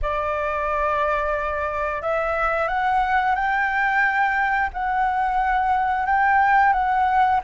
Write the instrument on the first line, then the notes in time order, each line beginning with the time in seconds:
flute
0.02 D5
2.01 E5
2.68 F#5
3.35 G5
4.73 F#5
6.06 G5
6.72 F#5